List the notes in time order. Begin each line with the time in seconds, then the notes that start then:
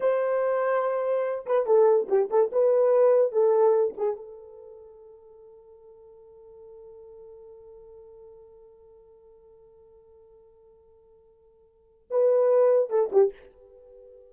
0.00 C5
1.46 B4
1.66 A4
2.08 G4
2.30 A4
2.52 B4
3.32 A4
3.97 G#4
4.16 A4
12.10 B4
12.89 A4
13.12 G4